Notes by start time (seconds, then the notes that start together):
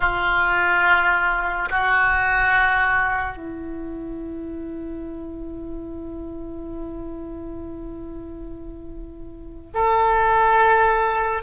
0.00 F4
1.69 F#4
3.36 E4
9.74 A4